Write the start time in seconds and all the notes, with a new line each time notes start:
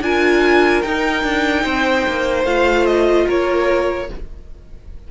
0.00 D4 F4 A#4 G#5
0.82 D#4 G5
1.23 D4
1.63 C4 C5
2.07 A#3
2.44 A3 F4 F5
2.85 D#5
3.26 A#3 A#4 C#5